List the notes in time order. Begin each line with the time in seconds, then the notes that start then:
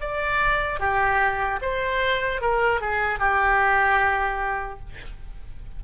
0.00 D5
0.79 G4
1.61 C5
2.41 A#4
2.80 G#4
3.19 G4